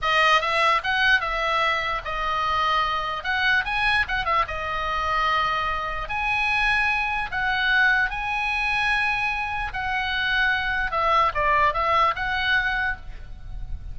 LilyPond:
\new Staff \with { instrumentName = "oboe" } { \time 4/4 \tempo 4 = 148 dis''4 e''4 fis''4 e''4~ | e''4 dis''2. | fis''4 gis''4 fis''8 e''8 dis''4~ | dis''2. gis''4~ |
gis''2 fis''2 | gis''1 | fis''2. e''4 | d''4 e''4 fis''2 | }